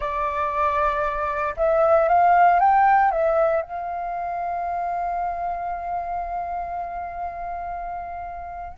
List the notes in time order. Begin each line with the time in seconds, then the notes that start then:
0.00 D5
1.57 E5
2.08 F5
2.59 G5
3.11 E5
3.62 F5